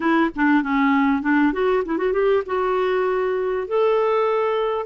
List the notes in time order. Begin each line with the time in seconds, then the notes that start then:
0.00 E4
0.35 D4
0.63 C#4
1.22 D4
1.53 F#4
1.85 E4
1.97 F#4
2.12 G4
2.46 F#4
3.67 A4